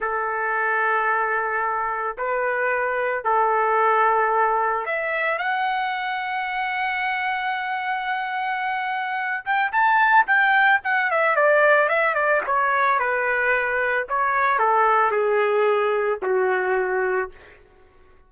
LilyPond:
\new Staff \with { instrumentName = "trumpet" } { \time 4/4 \tempo 4 = 111 a'1 | b'2 a'2~ | a'4 e''4 fis''2~ | fis''1~ |
fis''4. g''8 a''4 g''4 | fis''8 e''8 d''4 e''8 d''8 cis''4 | b'2 cis''4 a'4 | gis'2 fis'2 | }